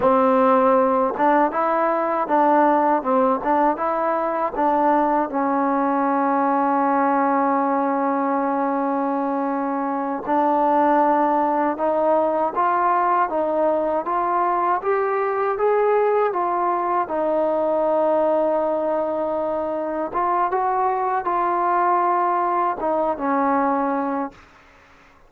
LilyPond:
\new Staff \with { instrumentName = "trombone" } { \time 4/4 \tempo 4 = 79 c'4. d'8 e'4 d'4 | c'8 d'8 e'4 d'4 cis'4~ | cis'1~ | cis'4. d'2 dis'8~ |
dis'8 f'4 dis'4 f'4 g'8~ | g'8 gis'4 f'4 dis'4.~ | dis'2~ dis'8 f'8 fis'4 | f'2 dis'8 cis'4. | }